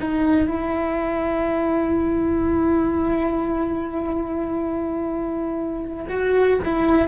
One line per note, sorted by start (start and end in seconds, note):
0.00 0.47 D#4
0.47 6.06 E4
6.08 6.59 F#4
6.65 7.08 E4